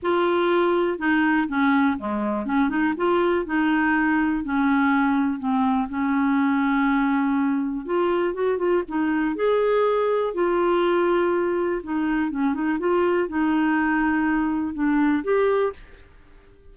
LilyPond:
\new Staff \with { instrumentName = "clarinet" } { \time 4/4 \tempo 4 = 122 f'2 dis'4 cis'4 | gis4 cis'8 dis'8 f'4 dis'4~ | dis'4 cis'2 c'4 | cis'1 |
f'4 fis'8 f'8 dis'4 gis'4~ | gis'4 f'2. | dis'4 cis'8 dis'8 f'4 dis'4~ | dis'2 d'4 g'4 | }